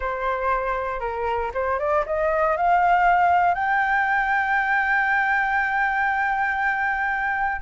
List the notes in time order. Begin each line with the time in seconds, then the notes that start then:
0.00 C5
1.00 A#4
1.53 C5
1.79 D5
2.05 D#5
2.56 F5
3.54 G5